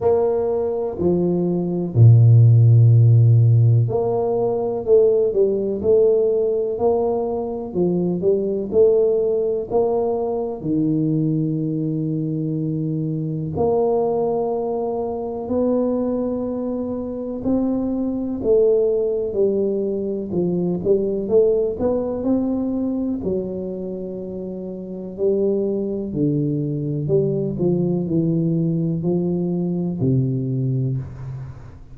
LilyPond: \new Staff \with { instrumentName = "tuba" } { \time 4/4 \tempo 4 = 62 ais4 f4 ais,2 | ais4 a8 g8 a4 ais4 | f8 g8 a4 ais4 dis4~ | dis2 ais2 |
b2 c'4 a4 | g4 f8 g8 a8 b8 c'4 | fis2 g4 d4 | g8 f8 e4 f4 c4 | }